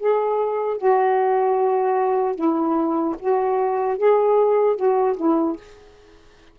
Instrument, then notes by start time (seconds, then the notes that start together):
saxophone
0.00 G#4
0.78 F#4
2.36 E4
3.20 F#4
3.98 G#4
4.77 F#4
5.17 E4